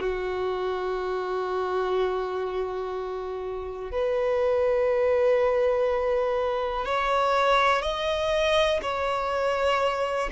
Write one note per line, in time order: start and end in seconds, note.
0.00 3.92 F#4
3.92 6.85 B4
6.85 7.82 C#5
7.82 8.81 D#5
8.83 10.30 C#5